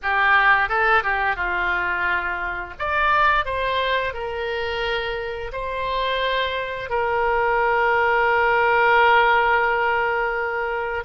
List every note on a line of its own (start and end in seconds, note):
0.02 0.68 G4
0.68 1.03 A4
1.03 1.36 G4
1.36 2.74 F4
2.78 3.45 D5
3.45 4.13 C5
4.13 5.51 A#4
5.52 6.89 C5
6.89 11.03 A#4